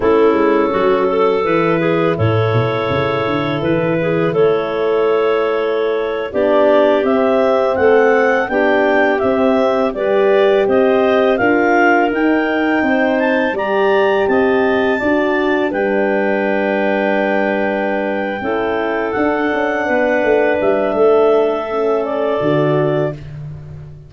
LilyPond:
<<
  \new Staff \with { instrumentName = "clarinet" } { \time 4/4 \tempo 4 = 83 a'2 b'4 cis''4~ | cis''4 b'4 cis''2~ | cis''8. d''4 e''4 fis''4 g''16~ | g''8. e''4 d''4 dis''4 f''16~ |
f''8. g''4. a''8 ais''4 a''16~ | a''4.~ a''16 g''2~ g''16~ | g''2~ g''8 fis''4.~ | fis''8 e''2 d''4. | }
  \new Staff \with { instrumentName = "clarinet" } { \time 4/4 e'4 fis'8 a'4 gis'8 a'4~ | a'4. gis'8 a'2~ | a'8. g'2 a'4 g'16~ | g'4.~ g'16 b'4 c''4 ais'16~ |
ais'4.~ ais'16 c''4 d''4 dis''16~ | dis''8. d''4 b'2~ b'16~ | b'4. a'2 b'8~ | b'4 a'2. | }
  \new Staff \with { instrumentName = "horn" } { \time 4/4 cis'2 e'2~ | e'1~ | e'8. d'4 c'2 d'16~ | d'8. c'4 g'2 f'16~ |
f'8. dis'2 g'4~ g'16~ | g'8. fis'4 d'2~ d'16~ | d'4. e'4 d'4.~ | d'2 cis'4 fis'4 | }
  \new Staff \with { instrumentName = "tuba" } { \time 4/4 a8 gis8 fis4 e4 a,8 b,8 | cis8 d8 e4 a2~ | a8. b4 c'4 a4 b16~ | b8. c'4 g4 c'4 d'16~ |
d'8. dis'4 c'4 g4 c'16~ | c'8. d'4 g2~ g16~ | g4. cis'4 d'8 cis'8 b8 | a8 g8 a2 d4 | }
>>